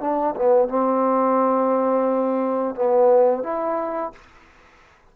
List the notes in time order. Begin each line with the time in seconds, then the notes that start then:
0.00 D4
0.35 B3
0.68 C4
2.75 B3
3.43 E4